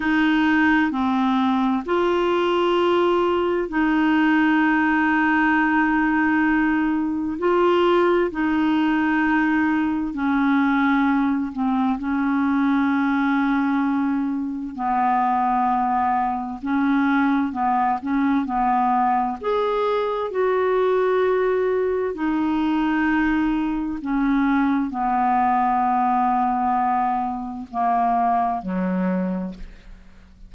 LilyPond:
\new Staff \with { instrumentName = "clarinet" } { \time 4/4 \tempo 4 = 65 dis'4 c'4 f'2 | dis'1 | f'4 dis'2 cis'4~ | cis'8 c'8 cis'2. |
b2 cis'4 b8 cis'8 | b4 gis'4 fis'2 | dis'2 cis'4 b4~ | b2 ais4 fis4 | }